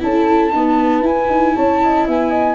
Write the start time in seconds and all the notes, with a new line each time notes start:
0.00 C#4 E4 A4 A5
0.52 B3 D#4 B4
1.02 E4 G#5
1.29 D#4
1.56 C#4 C#5 A5
1.83 D#5
2.08 B3 E5 G#5
2.31 D#5